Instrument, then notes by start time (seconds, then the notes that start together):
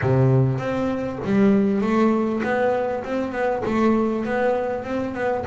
double bass
0.01 C3
0.58 C4
1.25 G3
1.81 A3
2.43 B3
3.04 C4
3.32 B3
3.65 A3
4.25 B3
4.83 C4
5.14 B3